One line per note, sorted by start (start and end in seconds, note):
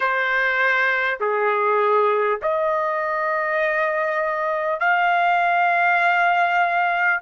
0.00 1.18 C5
1.19 2.39 G#4
2.42 4.80 D#5
4.80 7.20 F5